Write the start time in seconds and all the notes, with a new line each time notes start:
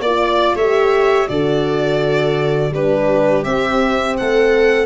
0.00 A#3 F4 D5
0.55 A3 G4 C#5 E5
1.28 D3 F#4 A4 D5
2.71 G3 D4 G4 B4
3.44 C4 E5
4.18 A3 A4 F#5